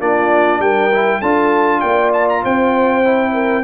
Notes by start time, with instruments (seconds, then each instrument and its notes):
0.00 tuba A#3, trombone D4, horn F4, trumpet D5
0.59 tuba G3, horn A#4, trumpet G5
0.93 trombone E4
1.19 tuba D4, trombone F4, horn A4, trumpet A5
1.80 tuba A#3, horn D5, trumpet G5
2.13 trumpet A5
2.29 trumpet A#5
2.43 tuba C4, horn C5, trumpet G5
3.04 trombone E4
3.33 horn A#4